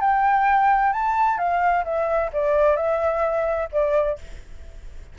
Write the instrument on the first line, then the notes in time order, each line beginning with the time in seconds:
flute
0.00 G5
0.93 A5
1.38 F5
1.84 E5
2.32 D5
2.76 E5
3.72 D5